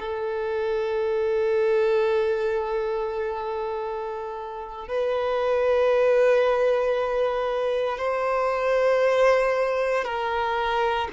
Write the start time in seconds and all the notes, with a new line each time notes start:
0.00 A4
4.88 B4
7.98 C5
10.04 A#4